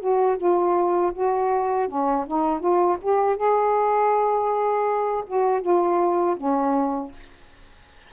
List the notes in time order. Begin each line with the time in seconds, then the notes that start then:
0.00 F#4
0.38 F4
1.14 F#4
1.89 C#4
2.27 D#4
2.60 F4
3.02 G4
3.37 G#4
5.27 F#4
5.62 F4
6.37 C#4